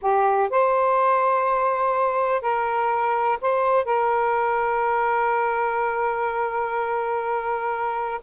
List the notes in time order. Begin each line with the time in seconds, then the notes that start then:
0.01 G4
0.50 C5
2.41 A#4
3.41 C5
3.85 A#4